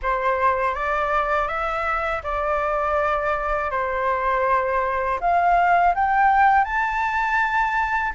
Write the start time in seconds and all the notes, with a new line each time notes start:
0.02 C5
0.74 D5
1.48 E5
2.23 D5
3.70 C5
5.20 F5
5.95 G5
6.64 A5